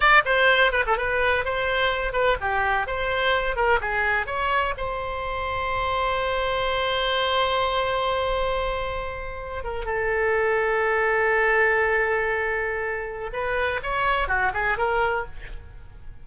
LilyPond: \new Staff \with { instrumentName = "oboe" } { \time 4/4 \tempo 4 = 126 d''8 c''4 b'16 a'16 b'4 c''4~ | c''8 b'8 g'4 c''4. ais'8 | gis'4 cis''4 c''2~ | c''1~ |
c''1~ | c''16 ais'8 a'2.~ a'16~ | a'1 | b'4 cis''4 fis'8 gis'8 ais'4 | }